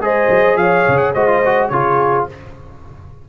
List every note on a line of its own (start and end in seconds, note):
0.00 0.28 G#3
0.00 1.15 G#4
0.00 0.60 C5
0.00 0.57 D#5
0.29 0.56 F#3
0.56 0.84 F3
0.56 1.15 C#5
0.56 0.98 F5
0.88 1.15 C#3
0.98 1.12 F#5
1.14 1.70 G#3
1.14 1.28 F#4
1.14 1.71 C5
1.14 1.69 D#5
1.28 1.43 F4
1.45 1.73 F#4
1.69 2.27 C#3
1.69 2.29 F4
1.69 2.28 G#4
1.69 2.25 C#5